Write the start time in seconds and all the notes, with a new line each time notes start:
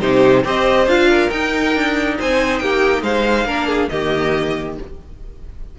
0.00 C3 D#4 G4 C5
0.43 C4 G4 C5 D#5
0.86 D4 F4 F5
1.08 A#4
1.30 D#4 G5
1.75 D4
2.19 C4 C5 G#5
2.59 A#3 G4 G5
3.02 G#3 C5 F5
3.44 A#3 D4 A#4
3.67 G#4
3.89 D#3 A#3 G4 D#5